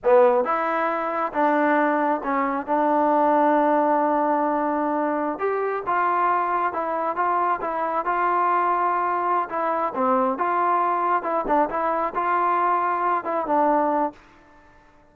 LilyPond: \new Staff \with { instrumentName = "trombone" } { \time 4/4 \tempo 4 = 136 b4 e'2 d'4~ | d'4 cis'4 d'2~ | d'1~ | d'16 g'4 f'2 e'8.~ |
e'16 f'4 e'4 f'4.~ f'16~ | f'4. e'4 c'4 f'8~ | f'4. e'8 d'8 e'4 f'8~ | f'2 e'8 d'4. | }